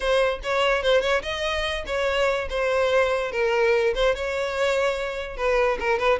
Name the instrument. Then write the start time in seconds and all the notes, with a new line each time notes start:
violin
0.00 C5
0.43 C#5
0.83 C5
1.01 C#5
1.22 D#5
1.86 C#5
2.49 C5
3.31 A#4
3.94 C5
4.15 C#5
5.36 B4
5.79 A#4
5.98 B4